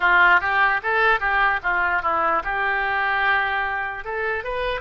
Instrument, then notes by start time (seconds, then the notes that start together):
oboe
0.00 F4
0.40 G4
0.82 A4
1.20 G4
1.62 F4
2.02 E4
2.44 G4
4.04 A4
4.43 B4